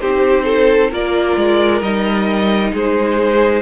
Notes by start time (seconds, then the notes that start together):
0.00 C4 D#4 G4 C5
0.44 A4
0.90 A#3 F4 A#4 D5
1.36 G#3
1.81 G3 D#4 D#5
2.72 G#3 G#4 C5